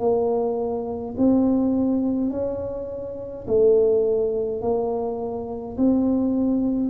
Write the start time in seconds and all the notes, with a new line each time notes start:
0.00 A#3
1.17 C4
2.31 C#4
3.48 A3
4.62 A#3
5.78 C4